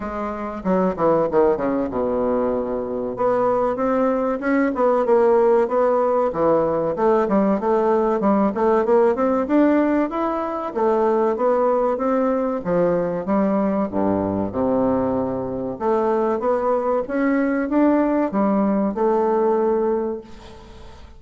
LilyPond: \new Staff \with { instrumentName = "bassoon" } { \time 4/4 \tempo 4 = 95 gis4 fis8 e8 dis8 cis8 b,4~ | b,4 b4 c'4 cis'8 b8 | ais4 b4 e4 a8 g8 | a4 g8 a8 ais8 c'8 d'4 |
e'4 a4 b4 c'4 | f4 g4 g,4 c4~ | c4 a4 b4 cis'4 | d'4 g4 a2 | }